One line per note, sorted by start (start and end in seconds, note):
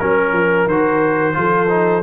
0.00 0.33 F#3
0.00 0.69 C#4
0.00 0.68 A#4
0.00 1.37 A#4
0.33 0.67 F3
0.67 1.35 D#3
0.67 1.34 F#4
0.67 2.03 C5
1.34 2.03 F3
1.34 1.68 F4
1.34 2.03 A4
1.69 2.03 D#4